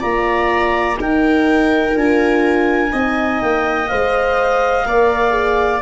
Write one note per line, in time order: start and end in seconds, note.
0.00 1.00 A#3
0.00 0.97 F4
0.00 0.97 D5
0.00 0.99 A#5
0.99 1.95 D#4
0.99 2.93 A#4
0.99 1.98 G5
1.95 2.92 D4
1.95 2.91 F4
1.95 3.42 G#5
2.91 3.42 C4
2.91 3.87 D#4
2.91 4.86 D#5
3.42 3.91 A#3
3.42 3.88 G5
3.88 4.86 G#3
3.88 4.86 C5
3.88 5.81 F5
4.86 5.82 A#3
4.86 5.31 A#4
4.86 5.82 D5
5.31 5.80 G#4